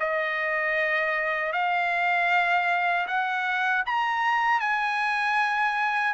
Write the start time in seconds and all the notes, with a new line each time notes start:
0.00 D#5
1.53 F5
3.07 F#5
3.86 A#5
4.60 G#5